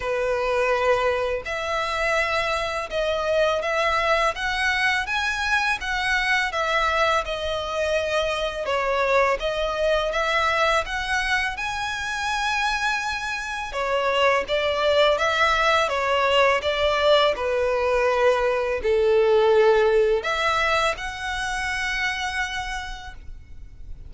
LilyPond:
\new Staff \with { instrumentName = "violin" } { \time 4/4 \tempo 4 = 83 b'2 e''2 | dis''4 e''4 fis''4 gis''4 | fis''4 e''4 dis''2 | cis''4 dis''4 e''4 fis''4 |
gis''2. cis''4 | d''4 e''4 cis''4 d''4 | b'2 a'2 | e''4 fis''2. | }